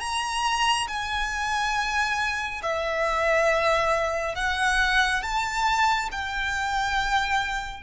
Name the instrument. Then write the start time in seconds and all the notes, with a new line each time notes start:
violin
0.00 A#5
0.87 G#5
2.62 E5
4.35 F#5
5.22 A5
6.11 G5